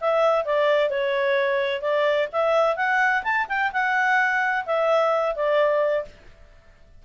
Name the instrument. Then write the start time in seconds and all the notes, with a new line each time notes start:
clarinet
0.00 E5
0.45 D5
0.89 C#5
1.81 D5
2.32 E5
2.76 F#5
3.23 A5
3.48 G5
3.72 F#5
4.65 E5
5.35 D5